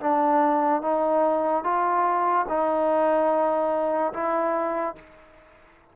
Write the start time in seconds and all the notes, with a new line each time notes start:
0.00 D4
0.82 D#4
1.64 F4
2.49 D#4
4.13 E4